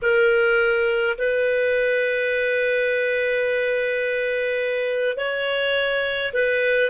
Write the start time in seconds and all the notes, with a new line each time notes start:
0.02 A#4
1.17 B4
5.17 C#5
6.33 B4